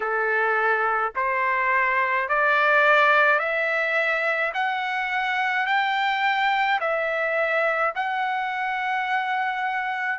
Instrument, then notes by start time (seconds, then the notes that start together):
trumpet
0.00 A4
1.15 C5
2.28 D5
3.39 E5
4.53 F#5
5.66 G5
6.80 E5
7.95 F#5